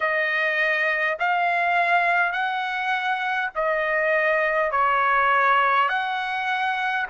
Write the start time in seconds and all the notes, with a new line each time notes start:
0.00 D#5
1.19 F5
2.32 F#5
3.55 D#5
4.71 C#5
5.88 F#5